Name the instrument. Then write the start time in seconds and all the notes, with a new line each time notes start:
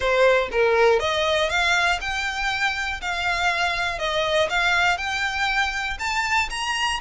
violin
0.00 C5
0.51 A#4
0.99 D#5
1.49 F5
2.00 G5
3.01 F5
3.98 D#5
4.49 F5
4.97 G5
5.99 A5
6.50 A#5